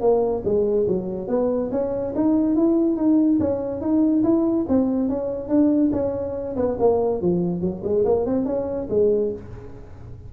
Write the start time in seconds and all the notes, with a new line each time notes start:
0.00 A#3
0.44 G#3
0.88 F#3
1.28 B3
1.71 C#4
2.15 D#4
2.55 E4
2.96 D#4
3.39 C#4
3.80 D#4
4.23 E4
4.68 C4
5.09 C#4
5.48 D4
5.92 C#4
6.56 B3
6.79 A#3
7.21 F3
7.61 F#3
7.83 G#3
8.04 A#3
8.25 C4
8.45 C#4
8.90 G#3